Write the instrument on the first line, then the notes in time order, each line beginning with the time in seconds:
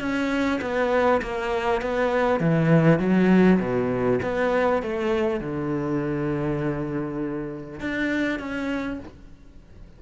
cello
0.00 C#4
0.61 B3
1.22 A#3
1.82 B3
2.40 E3
2.99 F#3
3.59 B2
4.22 B3
4.82 A3
5.40 D3
7.80 D4
8.39 C#4